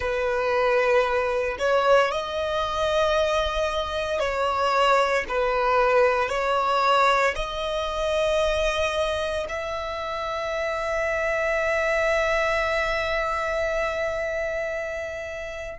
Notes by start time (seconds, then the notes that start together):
0.00 B4
1.58 C#5
2.11 D#5
4.19 C#5
5.28 B4
6.29 C#5
7.35 D#5
9.48 E5